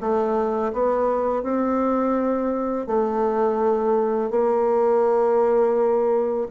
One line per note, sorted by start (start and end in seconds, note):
0.00 0.72 A3
0.73 1.43 B3
1.43 2.87 C4
2.87 4.30 A3
4.30 6.47 A#3